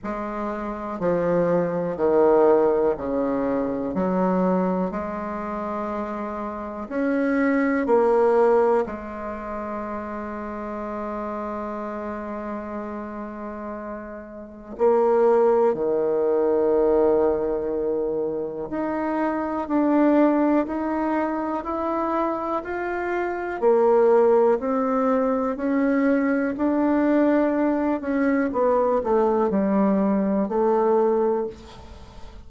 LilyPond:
\new Staff \with { instrumentName = "bassoon" } { \time 4/4 \tempo 4 = 61 gis4 f4 dis4 cis4 | fis4 gis2 cis'4 | ais4 gis2.~ | gis2. ais4 |
dis2. dis'4 | d'4 dis'4 e'4 f'4 | ais4 c'4 cis'4 d'4~ | d'8 cis'8 b8 a8 g4 a4 | }